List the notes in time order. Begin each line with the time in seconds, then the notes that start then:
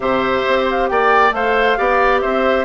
0.00 C3 G4 C5 E5
0.47 C4
0.70 F5
0.88 A#3 D5 G5
1.31 A3 A4 C5 F5
1.77 B3 G4 D5
2.20 C4 C5 E5